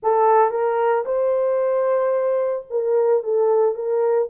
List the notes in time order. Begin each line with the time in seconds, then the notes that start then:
0.02 A4
0.51 A#4
1.05 C5
2.70 A#4
3.23 A4
3.75 A#4